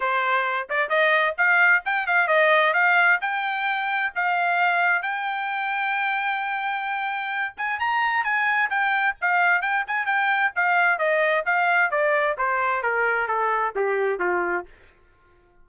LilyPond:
\new Staff \with { instrumentName = "trumpet" } { \time 4/4 \tempo 4 = 131 c''4. d''8 dis''4 f''4 | g''8 f''8 dis''4 f''4 g''4~ | g''4 f''2 g''4~ | g''1~ |
g''8 gis''8 ais''4 gis''4 g''4 | f''4 g''8 gis''8 g''4 f''4 | dis''4 f''4 d''4 c''4 | ais'4 a'4 g'4 f'4 | }